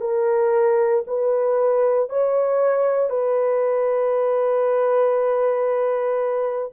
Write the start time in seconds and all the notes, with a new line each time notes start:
0.00 A#4
1.07 B4
2.09 C#5
3.09 B4